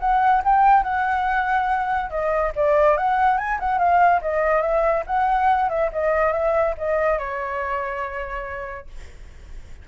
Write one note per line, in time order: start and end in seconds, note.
0.00 0.42 F#5
0.45 0.83 G5
0.83 2.10 F#5
2.10 2.53 D#5
2.56 2.97 D5
2.97 3.38 F#5
3.38 3.59 G#5
3.60 3.79 F#5
3.79 4.21 F5
4.22 4.62 D#5
4.62 5.04 E5
5.06 5.69 F#5
5.69 5.91 E5
5.93 6.32 D#5
6.32 6.75 E5
6.78 7.18 D#5
7.18 8.87 C#5